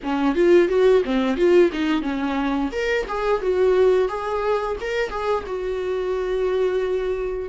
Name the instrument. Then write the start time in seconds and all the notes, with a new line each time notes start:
viola
0.03 C#4
0.35 F4
0.68 F#4
1.04 C4
1.36 F4
1.72 D#4
2.01 C#4
2.72 A#4
3.08 G#4
3.41 F#4
4.08 G#4
4.80 A#4
5.10 G#4
5.46 F#4